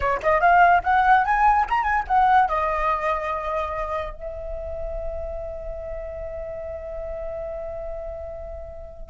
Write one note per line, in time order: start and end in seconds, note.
0.00 0.21 C#5
0.23 0.40 D#5
0.40 0.82 F5
0.83 1.24 F#5
1.24 1.66 G#5
1.69 1.83 A#5
1.83 2.03 G#5
2.07 2.48 F#5
2.48 4.13 D#5
4.13 9.09 E5